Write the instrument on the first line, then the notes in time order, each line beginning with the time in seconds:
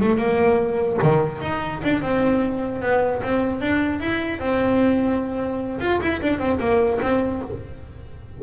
double bass
0.00 A3
0.17 A#3
1.02 D#3
1.41 D#4
1.83 D4
2.01 C4
2.81 B3
3.23 C4
3.61 D4
4.00 E4
4.39 C4
5.80 F4
6.01 E4
6.21 D4
6.39 C4
6.59 A#3
7.01 C4